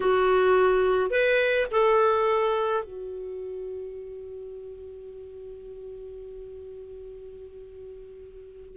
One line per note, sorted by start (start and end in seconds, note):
0.00 1.10 F#4
1.10 1.66 B4
1.71 2.84 A4
2.84 8.76 F#4